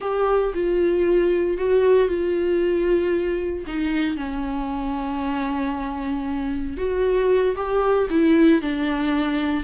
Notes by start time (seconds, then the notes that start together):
0.00 G4
0.54 F4
1.57 F#4
2.08 F4
3.66 D#4
4.16 C#4
6.77 F#4
7.56 G4
8.10 E4
8.61 D4